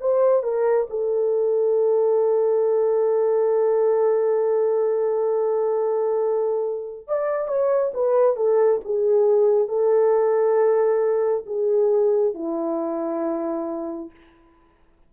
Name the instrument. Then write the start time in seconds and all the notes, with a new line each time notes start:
horn
0.00 C5
0.43 A#4
0.90 A4
7.07 D5
7.48 C#5
7.94 B4
8.36 A4
8.85 G#4
9.68 A4
11.46 G#4
12.34 E4